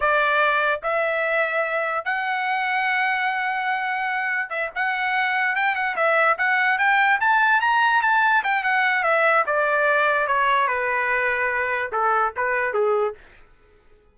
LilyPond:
\new Staff \with { instrumentName = "trumpet" } { \time 4/4 \tempo 4 = 146 d''2 e''2~ | e''4 fis''2.~ | fis''2. e''8 fis''8~ | fis''4. g''8 fis''8 e''4 fis''8~ |
fis''8 g''4 a''4 ais''4 a''8~ | a''8 g''8 fis''4 e''4 d''4~ | d''4 cis''4 b'2~ | b'4 a'4 b'4 gis'4 | }